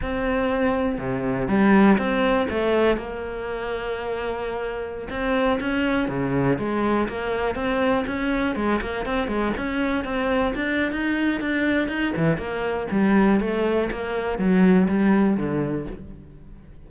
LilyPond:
\new Staff \with { instrumentName = "cello" } { \time 4/4 \tempo 4 = 121 c'2 c4 g4 | c'4 a4 ais2~ | ais2~ ais16 c'4 cis'8.~ | cis'16 cis4 gis4 ais4 c'8.~ |
c'16 cis'4 gis8 ais8 c'8 gis8 cis'8.~ | cis'16 c'4 d'8. dis'4 d'4 | dis'8 e8 ais4 g4 a4 | ais4 fis4 g4 d4 | }